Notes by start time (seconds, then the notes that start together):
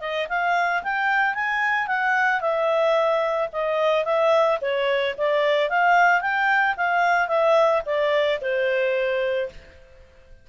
0.00 D#5
0.28 F5
0.83 G5
1.34 G#5
1.87 F#5
2.40 E5
3.52 D#5
4.04 E5
4.61 C#5
5.17 D5
5.69 F5
6.21 G5
6.76 F5
7.28 E5
7.85 D5
8.41 C5